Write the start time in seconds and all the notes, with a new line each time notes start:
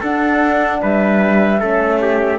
0.00 D4 A4 F#5
0.82 G3 B4 E5
1.60 A3 C#4 A4
2.01 G4